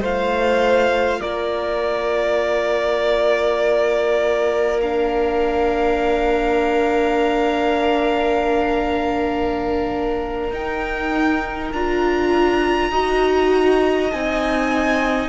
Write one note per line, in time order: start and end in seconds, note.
0.00 1.22 A3
0.00 4.82 F4
0.00 1.20 C5
0.00 1.21 F5
1.21 10.51 A#3
1.21 12.91 A#4
1.21 4.81 D5
4.82 10.52 D4
4.82 10.52 F5
10.51 11.71 D#4
10.51 11.73 D#4
10.51 11.73 G5
11.72 12.91 D4
11.72 12.93 F4
11.72 14.12 A#5
12.91 14.11 D#4
12.91 14.12 F#4
12.91 15.29 D#5
14.12 15.29 C4
14.12 15.29 D#4
14.12 15.29 G#5